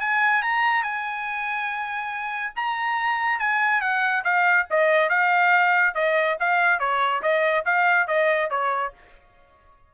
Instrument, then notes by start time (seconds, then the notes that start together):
trumpet
0.00 G#5
0.42 A#5
0.83 G#5
2.55 A#5
3.39 G#5
3.81 F#5
4.24 F5
4.70 D#5
5.09 F5
5.95 D#5
6.40 F5
6.79 C#5
7.22 D#5
7.65 F5
8.07 D#5
8.50 C#5